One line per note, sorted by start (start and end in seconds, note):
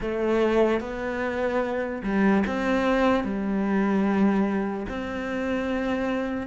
0.00 0.80 A3
0.80 2.02 B3
2.03 2.43 G3
2.47 3.24 C4
3.24 4.86 G3
4.88 6.46 C4